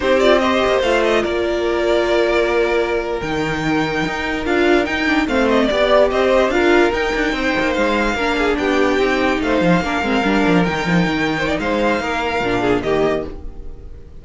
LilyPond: <<
  \new Staff \with { instrumentName = "violin" } { \time 4/4 \tempo 4 = 145 c''8 d''8 dis''4 f''8 dis''8 d''4~ | d''2.~ d''8. g''16~ | g''2~ g''8. f''4 g''16~ | g''8. f''8 dis''8 d''4 dis''4 f''16~ |
f''8. g''2 f''4~ f''16~ | f''8. g''2 f''4~ f''16~ | f''4.~ f''16 g''2~ g''16 | f''2. dis''4 | }
  \new Staff \with { instrumentName = "violin" } { \time 4/4 g'4 c''2 ais'4~ | ais'1~ | ais'1~ | ais'8. c''4 d''4 c''4 ais'16~ |
ais'4.~ ais'16 c''2 ais'16~ | ais'16 gis'8 g'2 c''4 ais'16~ | ais'2.~ ais'8 c''16 d''16 | c''4 ais'4. gis'8 g'4 | }
  \new Staff \with { instrumentName = "viola" } { \time 4/4 dis'8 f'8 g'4 f'2~ | f'2.~ f'8. dis'16~ | dis'2~ dis'8. f'4 dis'16~ | dis'16 d'8 c'4 g'2 f'16~ |
f'8. dis'2. d'16~ | d'4.~ d'16 dis'2 d'16~ | d'16 c'8 d'4 dis'2~ dis'16~ | dis'2 d'4 ais4 | }
  \new Staff \with { instrumentName = "cello" } { \time 4/4 c'4. ais8 a4 ais4~ | ais2.~ ais8. dis16~ | dis4.~ dis16 dis'4 d'4 dis'16~ | dis'8. a4 b4 c'4 d'16~ |
d'8. dis'8 d'8 c'8 ais8 gis4 ais16~ | ais8. b4 c'4 a8 f8 ais16~ | ais16 gis8 g8 f8 dis8 f8 dis4~ dis16 | gis4 ais4 ais,4 dis4 | }
>>